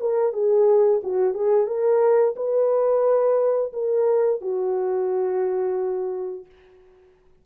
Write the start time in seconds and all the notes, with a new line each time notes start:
0.00 A#4
0.33 G#4
1.03 F#4
1.34 G#4
1.67 A#4
2.36 B4
3.73 A#4
4.41 F#4